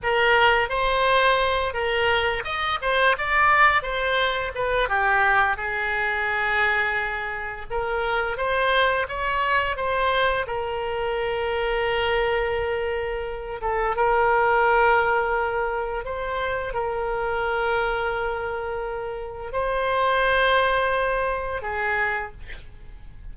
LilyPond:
\new Staff \with { instrumentName = "oboe" } { \time 4/4 \tempo 4 = 86 ais'4 c''4. ais'4 dis''8 | c''8 d''4 c''4 b'8 g'4 | gis'2. ais'4 | c''4 cis''4 c''4 ais'4~ |
ais'2.~ ais'8 a'8 | ais'2. c''4 | ais'1 | c''2. gis'4 | }